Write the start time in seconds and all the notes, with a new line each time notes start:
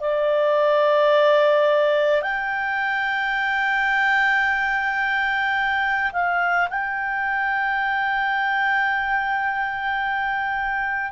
0.00 D5
2.22 G5
6.12 F5
6.70 G5